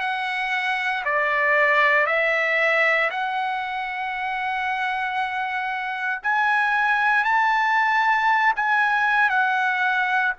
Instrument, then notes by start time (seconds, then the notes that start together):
trumpet
0.00 F#5
1.04 D5
2.06 E5
3.10 F#5
6.23 G#5
7.24 A5
8.56 G#5
9.29 F#5